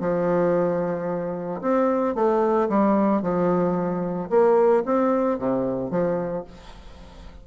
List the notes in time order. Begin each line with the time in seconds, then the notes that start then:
0.00 F3
1.61 C4
2.15 A3
2.69 G3
3.22 F3
4.30 A#3
4.86 C4
5.39 C3
5.91 F3